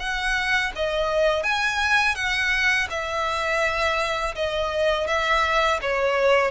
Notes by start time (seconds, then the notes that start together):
0.00 F#5
0.76 D#5
1.44 G#5
2.16 F#5
2.90 E5
4.36 D#5
5.08 E5
5.82 C#5